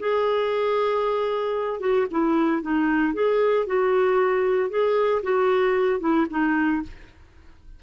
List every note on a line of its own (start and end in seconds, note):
0.00 1.80 G#4
1.80 2.07 F#4
2.11 2.62 E4
2.62 3.14 D#4
3.14 3.67 G#4
3.67 4.70 F#4
4.70 5.22 G#4
5.23 6.00 F#4
6.00 6.27 E4
6.30 6.83 D#4